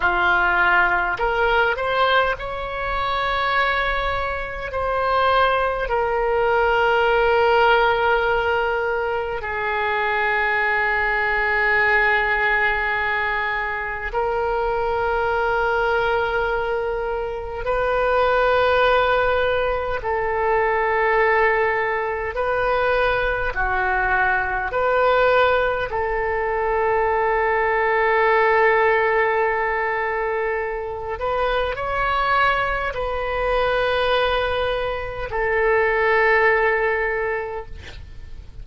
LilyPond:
\new Staff \with { instrumentName = "oboe" } { \time 4/4 \tempo 4 = 51 f'4 ais'8 c''8 cis''2 | c''4 ais'2. | gis'1 | ais'2. b'4~ |
b'4 a'2 b'4 | fis'4 b'4 a'2~ | a'2~ a'8 b'8 cis''4 | b'2 a'2 | }